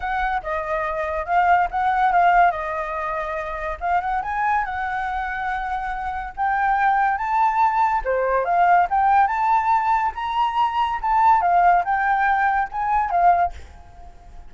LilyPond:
\new Staff \with { instrumentName = "flute" } { \time 4/4 \tempo 4 = 142 fis''4 dis''2 f''4 | fis''4 f''4 dis''2~ | dis''4 f''8 fis''8 gis''4 fis''4~ | fis''2. g''4~ |
g''4 a''2 c''4 | f''4 g''4 a''2 | ais''2 a''4 f''4 | g''2 gis''4 f''4 | }